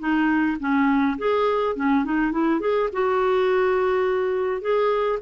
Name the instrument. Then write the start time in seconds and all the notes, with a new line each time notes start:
clarinet
0.00 D#4
0.60 C#4
1.19 G#4
1.76 C#4
2.05 D#4
2.32 E4
2.61 G#4
2.93 F#4
4.62 G#4